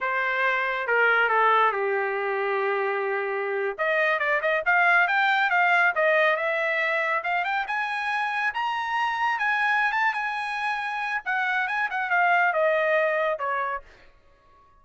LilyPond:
\new Staff \with { instrumentName = "trumpet" } { \time 4/4 \tempo 4 = 139 c''2 ais'4 a'4 | g'1~ | g'8. dis''4 d''8 dis''8 f''4 g''16~ | g''8. f''4 dis''4 e''4~ e''16~ |
e''8. f''8 g''8 gis''2 ais''16~ | ais''4.~ ais''16 gis''4~ gis''16 a''8 gis''8~ | gis''2 fis''4 gis''8 fis''8 | f''4 dis''2 cis''4 | }